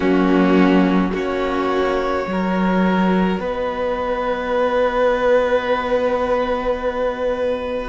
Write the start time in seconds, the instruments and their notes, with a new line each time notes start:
0.00 cello F#3, viola A#3, violin C#4 F#4
1.12 cello A#3, viola C#4, violin F#4 C#5
2.26 cello F#3, viola F#4, violin A#4
3.39 cello B3, violin B4 D#5